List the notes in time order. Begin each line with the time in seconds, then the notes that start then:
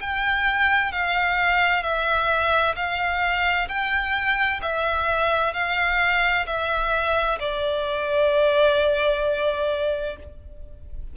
0.00 G5
0.92 F5
1.83 E5
2.76 F5
3.68 G5
4.62 E5
5.53 F5
6.46 E5
7.40 D5